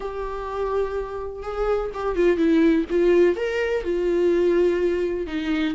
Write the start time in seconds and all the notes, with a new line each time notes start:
0.00 G4
1.42 G#4
1.94 G4
2.15 F4
2.37 E4
2.90 F4
3.36 A#4
3.83 F4
5.27 D#4